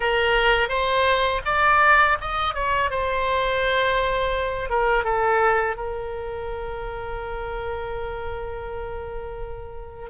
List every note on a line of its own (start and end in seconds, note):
0.00 0.69 A#4
0.69 1.41 C5
1.45 2.17 D5
2.20 2.54 D#5
2.54 2.90 C#5
2.90 4.69 C5
4.69 5.04 A#4
5.04 5.76 A4
5.76 10.09 A#4